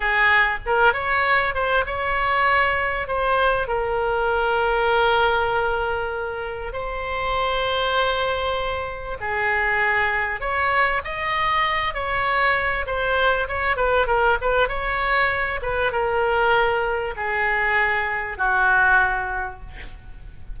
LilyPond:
\new Staff \with { instrumentName = "oboe" } { \time 4/4 \tempo 4 = 98 gis'4 ais'8 cis''4 c''8 cis''4~ | cis''4 c''4 ais'2~ | ais'2. c''4~ | c''2. gis'4~ |
gis'4 cis''4 dis''4. cis''8~ | cis''4 c''4 cis''8 b'8 ais'8 b'8 | cis''4. b'8 ais'2 | gis'2 fis'2 | }